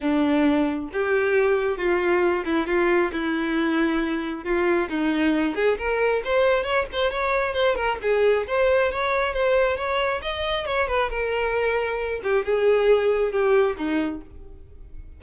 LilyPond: \new Staff \with { instrumentName = "violin" } { \time 4/4 \tempo 4 = 135 d'2 g'2 | f'4. e'8 f'4 e'4~ | e'2 f'4 dis'4~ | dis'8 gis'8 ais'4 c''4 cis''8 c''8 |
cis''4 c''8 ais'8 gis'4 c''4 | cis''4 c''4 cis''4 dis''4 | cis''8 b'8 ais'2~ ais'8 g'8 | gis'2 g'4 dis'4 | }